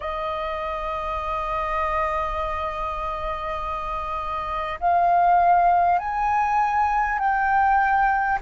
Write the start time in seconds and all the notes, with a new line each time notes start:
0.00 D#5
4.79 F5
5.98 G#5
7.18 G5